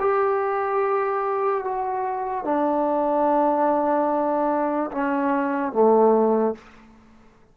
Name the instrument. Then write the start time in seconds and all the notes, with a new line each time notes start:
trombone
0.00 G4
1.64 F#4
2.44 D4
4.92 C#4
5.73 A3